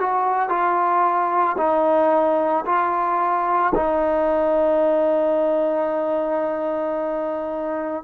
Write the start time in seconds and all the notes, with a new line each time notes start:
0.00 F#4
0.50 F4
1.58 D#4
2.66 F4
3.75 D#4